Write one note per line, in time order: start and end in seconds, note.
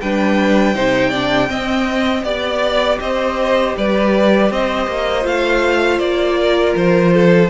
0.00 0.74 G3
0.00 0.75 D4
0.00 0.74 B4
0.00 2.23 G5
0.74 1.49 C3
0.74 1.12 D#4
0.74 1.09 C5
1.09 1.48 D4
1.09 1.47 D5
1.48 2.23 C4
1.48 2.24 D#5
2.23 2.98 B3
2.23 5.22 G4
2.23 2.98 D5
2.23 2.99 D5
3.00 3.75 C4
3.00 3.76 C5
3.00 3.75 D#5
3.76 4.50 G3
3.76 4.52 B4
3.76 4.52 D5
4.50 4.87 C4
4.50 6.39 C5
4.50 5.26 D#5
4.87 5.24 A#3
5.22 5.98 A3
5.22 7.47 F4
5.22 5.99 F5
5.98 6.73 A#3
5.98 6.74 D5
6.39 7.13 A#4
6.75 7.50 F3
6.75 7.50 C5
7.13 7.50 A4